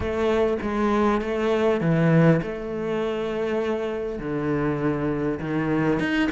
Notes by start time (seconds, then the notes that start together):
0.00 A3
0.61 G#3
1.21 A3
1.80 E3
2.42 A3
4.19 D3
5.39 D#3
5.99 D#4